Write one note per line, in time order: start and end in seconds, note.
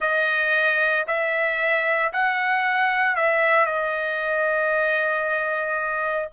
0.00 1.05 D#5
1.07 2.12 E5
2.12 3.16 F#5
3.16 3.65 E5
3.65 6.28 D#5